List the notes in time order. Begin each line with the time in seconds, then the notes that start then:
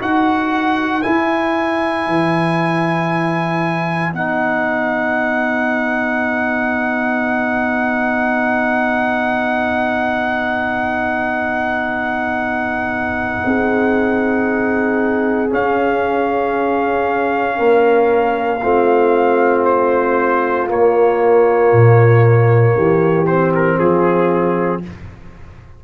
0.00 D#4 F#4 B4 F#5
1.02 E4 G#5
2.08 E3
4.13 B3 D#4 F#5
13.45 C4 G#4
15.50 C#4 F5
17.57 A#3 A#4
18.62 A3 C4 F4
19.65 C5
20.68 A#3 C#5
21.73 A#2
22.76 E3 G4
23.27 C4 C5
23.55 A#4
23.78 F3 F4 G#4